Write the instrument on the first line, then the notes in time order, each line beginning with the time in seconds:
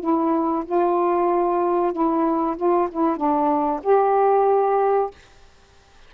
saxophone
0.00 E4
0.65 F4
1.92 E4
2.56 F4
2.91 E4
3.16 D4
3.82 G4